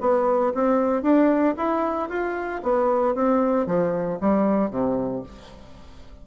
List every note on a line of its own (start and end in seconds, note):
0.00 0.53 B3
0.54 1.02 C4
1.02 1.55 D4
1.57 2.09 E4
2.09 2.61 F4
2.62 3.14 B3
3.14 3.66 C4
3.66 4.18 F3
4.20 4.70 G3
4.70 5.22 C3